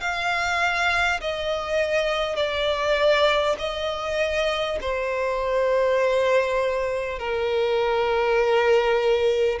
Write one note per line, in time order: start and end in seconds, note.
0.00 1.20 F5
1.20 2.36 D#5
2.36 3.56 D5
3.58 4.78 D#5
4.80 7.18 C5
7.18 9.58 A#4